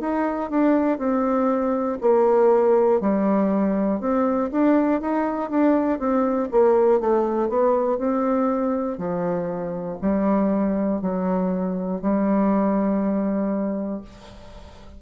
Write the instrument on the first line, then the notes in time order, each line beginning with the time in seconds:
bassoon
0.00 D#4
0.50 D4
0.99 C4
2.01 A#3
3.00 G3
4.00 C4
4.52 D4
5.01 D#4
5.50 D4
5.99 C4
6.52 A#3
7.00 A3
7.50 B3
7.98 C4
8.98 F3
10.02 G3
11.02 F#3
12.01 G3